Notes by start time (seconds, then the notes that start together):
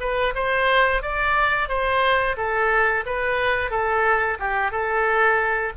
0.00 B4
0.35 C5
1.02 D5
1.69 C5
2.37 A4
3.06 B4
3.70 A4
4.39 G4
4.71 A4